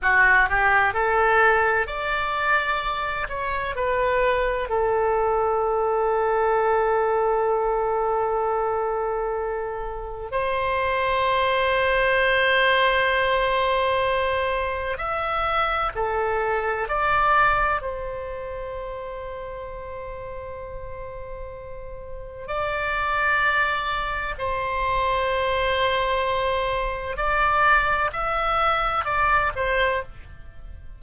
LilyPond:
\new Staff \with { instrumentName = "oboe" } { \time 4/4 \tempo 4 = 64 fis'8 g'8 a'4 d''4. cis''8 | b'4 a'2.~ | a'2. c''4~ | c''1 |
e''4 a'4 d''4 c''4~ | c''1 | d''2 c''2~ | c''4 d''4 e''4 d''8 c''8 | }